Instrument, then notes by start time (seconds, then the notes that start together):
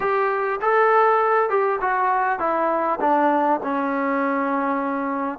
trombone
0.00 G4
0.61 A4
1.49 G4
1.81 F#4
2.39 E4
3.00 D4
3.63 C#4